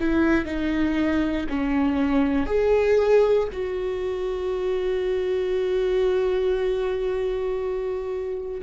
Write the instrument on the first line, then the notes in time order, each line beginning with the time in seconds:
viola
0.00 E4
0.45 D#4
1.49 C#4
2.47 G#4
3.53 F#4